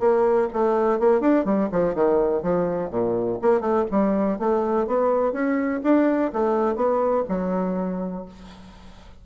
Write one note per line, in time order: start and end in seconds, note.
0.00 0.48 A#3
0.53 0.99 A3
0.99 1.21 A#3
1.21 1.45 D4
1.45 1.69 G3
1.72 1.94 F3
1.94 2.43 D#3
2.43 2.90 F3
2.90 3.38 A#2
3.42 3.60 A#3
3.60 3.85 A3
3.91 4.39 G3
4.39 4.87 A3
4.87 5.32 B3
5.32 5.81 C#4
5.84 6.32 D4
6.33 6.76 A3
6.76 7.24 B3
7.28 8.25 F#3